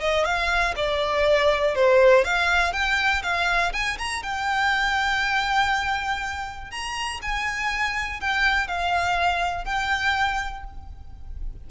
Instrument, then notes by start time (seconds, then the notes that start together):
violin
0.00 D#5
0.25 F5
0.76 D5
1.75 C5
2.24 F5
2.73 G5
3.23 F5
3.73 G#5
3.98 A#5
4.23 G5
6.71 A#5
7.22 G#5
8.20 G5
8.68 F5
9.64 G5